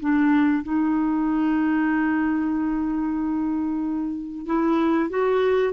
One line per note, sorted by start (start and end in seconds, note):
0.00 0.63 D4
0.63 4.46 D#4
4.46 5.09 E4
5.09 5.73 F#4